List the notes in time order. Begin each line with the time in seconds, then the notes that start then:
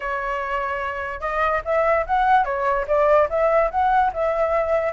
0.00 C#5
1.20 D#5
1.64 E5
2.06 F#5
2.44 C#5
2.87 D5
3.29 E5
3.70 F#5
4.13 E5